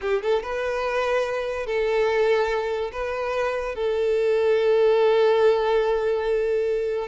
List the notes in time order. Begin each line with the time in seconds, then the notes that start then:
0.01 G4
0.21 A4
0.42 B4
1.66 A4
2.91 B4
3.75 A4